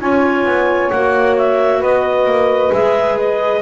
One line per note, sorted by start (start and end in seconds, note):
0.00 0.45 C#4
0.00 0.91 F4
0.00 1.79 C#5
0.00 0.90 G#5
0.45 0.91 B3
0.90 1.82 A#3
0.90 2.73 F#4
0.90 1.35 F#5
1.37 1.83 E5
1.79 2.25 B3
1.79 3.61 B4
1.79 2.73 D#5
2.25 2.71 A#3
2.72 3.62 G#3
2.72 3.62 G#4
2.72 3.18 E5
3.18 3.62 D#5